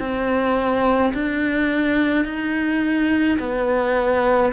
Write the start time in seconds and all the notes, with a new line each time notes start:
0.00 C4
1.14 D4
2.25 D#4
3.40 B3